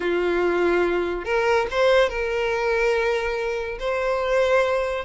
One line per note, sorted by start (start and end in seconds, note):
0.00 1.24 F4
1.24 1.67 A#4
1.70 2.09 C5
2.09 3.78 A#4
3.79 5.05 C5